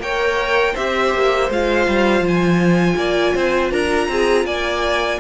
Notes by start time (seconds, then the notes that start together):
0.00 A#3 A#4 C#5 G5
0.73 C4 G4 C5 E5
1.15 A#3
1.50 G#3 F4 F5
1.88 G3
2.21 F3
2.28 G#5
2.96 A#3 D5
3.35 C4 C5
3.71 D4 A#4 A#5
4.09 C4 G#4
4.45 A#3 D5 G#5